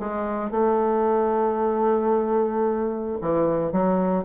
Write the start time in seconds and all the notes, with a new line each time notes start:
0.00 G#3
0.51 A3
3.21 E3
3.72 F#3